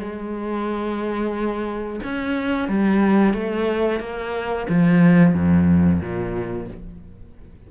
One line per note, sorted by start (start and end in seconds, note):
0.00 2.00 G#3
2.03 2.68 C#4
2.68 3.33 G3
3.33 4.00 A3
4.00 4.66 A#3
4.68 5.34 F3
5.34 6.01 F2
6.01 6.68 A#2